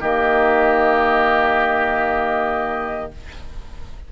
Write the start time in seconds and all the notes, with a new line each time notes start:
0.00 D#3 A#3 G4 D#5